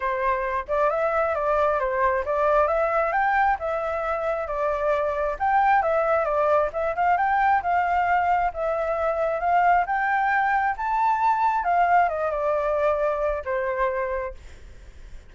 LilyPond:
\new Staff \with { instrumentName = "flute" } { \time 4/4 \tempo 4 = 134 c''4. d''8 e''4 d''4 | c''4 d''4 e''4 g''4 | e''2 d''2 | g''4 e''4 d''4 e''8 f''8 |
g''4 f''2 e''4~ | e''4 f''4 g''2 | a''2 f''4 dis''8 d''8~ | d''2 c''2 | }